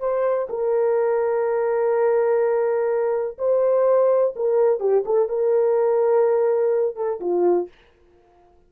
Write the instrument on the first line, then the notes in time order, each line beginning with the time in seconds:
horn
0.00 C5
0.50 A#4
3.38 C5
4.36 A#4
4.80 G4
5.06 A4
5.29 A#4
6.96 A4
7.20 F4